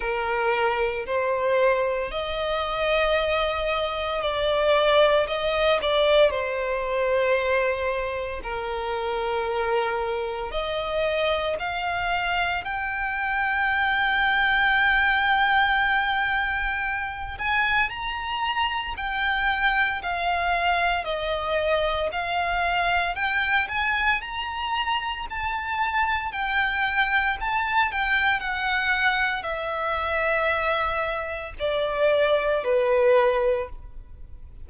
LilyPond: \new Staff \with { instrumentName = "violin" } { \time 4/4 \tempo 4 = 57 ais'4 c''4 dis''2 | d''4 dis''8 d''8 c''2 | ais'2 dis''4 f''4 | g''1~ |
g''8 gis''8 ais''4 g''4 f''4 | dis''4 f''4 g''8 gis''8 ais''4 | a''4 g''4 a''8 g''8 fis''4 | e''2 d''4 b'4 | }